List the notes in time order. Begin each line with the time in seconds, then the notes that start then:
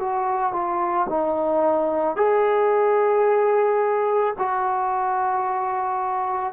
0.00 F#4
0.53 F4
1.10 D#4
2.16 G#4
4.39 F#4